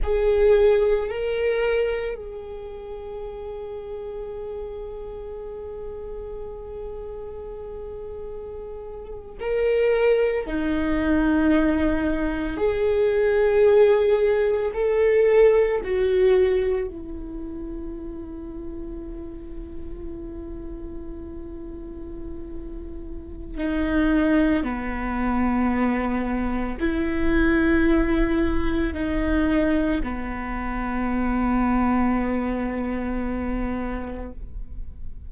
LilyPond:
\new Staff \with { instrumentName = "viola" } { \time 4/4 \tempo 4 = 56 gis'4 ais'4 gis'2~ | gis'1~ | gis'8. ais'4 dis'2 gis'16~ | gis'4.~ gis'16 a'4 fis'4 e'16~ |
e'1~ | e'2 dis'4 b4~ | b4 e'2 dis'4 | b1 | }